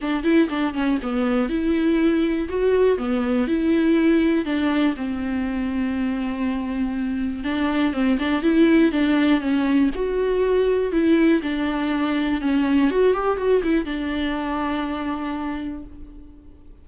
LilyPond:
\new Staff \with { instrumentName = "viola" } { \time 4/4 \tempo 4 = 121 d'8 e'8 d'8 cis'8 b4 e'4~ | e'4 fis'4 b4 e'4~ | e'4 d'4 c'2~ | c'2. d'4 |
c'8 d'8 e'4 d'4 cis'4 | fis'2 e'4 d'4~ | d'4 cis'4 fis'8 g'8 fis'8 e'8 | d'1 | }